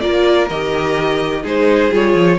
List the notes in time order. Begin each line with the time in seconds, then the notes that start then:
0.00 A#3 F4 A#4 D5
0.50 D#3 G4 D#5
1.43 G#3 D#4 G#4 C5
1.91 G3 F4 C#5
2.14 F3